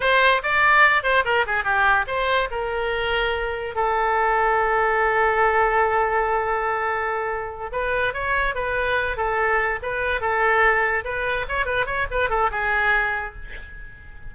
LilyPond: \new Staff \with { instrumentName = "oboe" } { \time 4/4 \tempo 4 = 144 c''4 d''4. c''8 ais'8 gis'8 | g'4 c''4 ais'2~ | ais'4 a'2.~ | a'1~ |
a'2~ a'8 b'4 cis''8~ | cis''8 b'4. a'4. b'8~ | b'8 a'2 b'4 cis''8 | b'8 cis''8 b'8 a'8 gis'2 | }